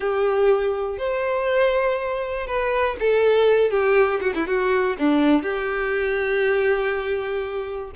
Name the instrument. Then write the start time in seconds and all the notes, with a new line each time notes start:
violin
0.00 G4
0.98 C5
2.47 B4
2.99 A4
3.70 G4
4.20 F#4
4.34 E4
4.46 F#4
4.98 D4
5.43 G4